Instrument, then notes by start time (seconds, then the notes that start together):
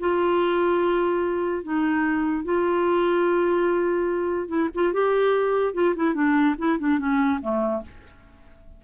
clarinet
0.00 F4
1.63 D#4
2.45 F4
4.48 E4
4.75 F4
4.93 G4
5.74 F4
5.96 E4
6.14 D4
6.58 E4
6.79 D4
6.99 C#4
7.41 A3